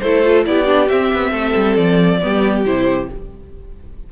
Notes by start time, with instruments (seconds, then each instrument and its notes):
0.00 cello A3, viola E4, violin A4 C5
0.24 viola F4
0.45 cello B3, viola E4, violin G4 D5
0.66 viola D4
0.89 viola C4, cello C4, violin E5
1.14 cello B3
1.32 cello A3, violin A4
1.56 cello G3
1.76 cello F3, violin D5
2.21 cello G3, viola B3, violin G4
2.65 cello C3, viola E4, violin C5